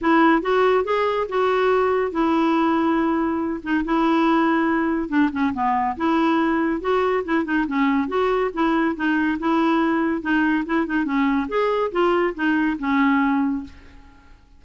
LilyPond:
\new Staff \with { instrumentName = "clarinet" } { \time 4/4 \tempo 4 = 141 e'4 fis'4 gis'4 fis'4~ | fis'4 e'2.~ | e'8 dis'8 e'2. | d'8 cis'8 b4 e'2 |
fis'4 e'8 dis'8 cis'4 fis'4 | e'4 dis'4 e'2 | dis'4 e'8 dis'8 cis'4 gis'4 | f'4 dis'4 cis'2 | }